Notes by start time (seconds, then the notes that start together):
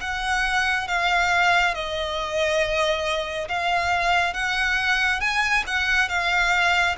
0.00 F#5
0.87 F5
1.74 D#5
3.48 F5
4.33 F#5
5.20 G#5
5.67 F#5
6.08 F5